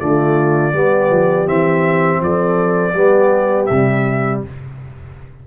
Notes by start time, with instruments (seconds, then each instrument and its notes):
0.00 tuba D3, trombone A3, horn F4, trumpet D5
0.73 tuba G3, trombone B3, horn G4
1.12 tuba F3
1.46 tuba E3, trombone C4, trumpet E5
2.21 tuba F3, horn A4, trumpet D5
2.93 tuba G3, trombone B3, horn G4
3.66 tuba C3, trumpet E5
3.74 trombone G3